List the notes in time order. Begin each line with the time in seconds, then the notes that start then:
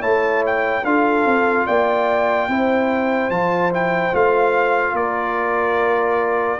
0.00 A3 E4 C#5 A5
0.46 G5
0.84 D4 F4 A4 F5
1.25 C4
1.67 A#3 D5 G5
2.48 C4 E4 C5
3.30 F3 F4 A5
3.72 E4 G5
4.12 A3 F4 F5
4.93 A#3 A#4 D5